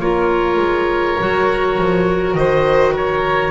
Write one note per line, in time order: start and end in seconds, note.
0.00 0.57 A#3
0.00 1.19 F4
0.00 2.38 A#4
0.00 2.35 C#5
0.57 1.16 G#3
1.19 1.79 F#3
1.19 3.51 F#4
1.79 2.34 F3
2.34 3.51 D#3
2.34 2.93 C5
2.34 2.94 D#5
2.93 3.51 A#4
2.93 3.51 C#5